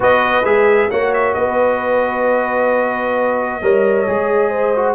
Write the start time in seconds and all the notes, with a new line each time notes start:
0.00 B3 F#4 B4 D#5
0.44 G#3 G#4 E5
0.90 A#3 F#4 C#5 F#5
1.13 E5
1.34 B3 B4 D#5
3.61 G3 A#4 C#5
4.06 G#3 G#4
4.50 C5
4.75 F#4